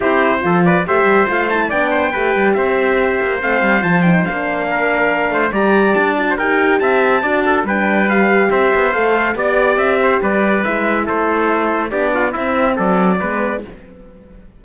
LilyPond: <<
  \new Staff \with { instrumentName = "trumpet" } { \time 4/4 \tempo 4 = 141 c''4. d''8 e''4 f''8 a''8 | g''2 e''2 | f''4 a''8 g''8 f''2~ | f''4 ais''4 a''4 g''4 |
a''2 g''4 f''4 | e''4 f''4 d''4 e''4 | d''4 e''4 c''2 | d''4 e''4 d''2 | }
  \new Staff \with { instrumentName = "trumpet" } { \time 4/4 g'4 a'8 b'8 c''2 | d''8 c''8 b'4 c''2~ | c''2. ais'4~ | ais'8 c''8 d''4.~ d''16 c''16 ais'4 |
e''4 d''8 a'8 b'2 | c''2 d''4. c''8 | b'2 a'2 | g'8 f'8 e'4 a'4 b'4 | }
  \new Staff \with { instrumentName = "horn" } { \time 4/4 e'4 f'4 g'4 f'8 e'8 | d'4 g'2. | c'4 f'8 dis'8 d'2~ | d'4 g'4. fis'8 g'4~ |
g'4 fis'4 d'4 g'4~ | g'4 a'4 g'2~ | g'4 e'2. | d'4 c'2 b4 | }
  \new Staff \with { instrumentName = "cello" } { \time 4/4 c'4 f4 a8 g8 a4 | b4 a8 g8 c'4. ais8 | a8 g8 f4 ais2~ | ais8 a8 g4 d'4 dis'4 |
c'4 d'4 g2 | c'8 b8 a4 b4 c'4 | g4 gis4 a2 | b4 c'4 fis4 gis4 | }
>>